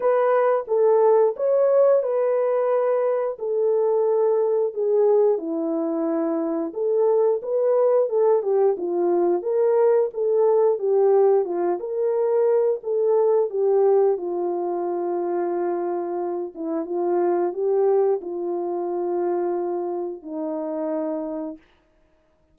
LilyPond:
\new Staff \with { instrumentName = "horn" } { \time 4/4 \tempo 4 = 89 b'4 a'4 cis''4 b'4~ | b'4 a'2 gis'4 | e'2 a'4 b'4 | a'8 g'8 f'4 ais'4 a'4 |
g'4 f'8 ais'4. a'4 | g'4 f'2.~ | f'8 e'8 f'4 g'4 f'4~ | f'2 dis'2 | }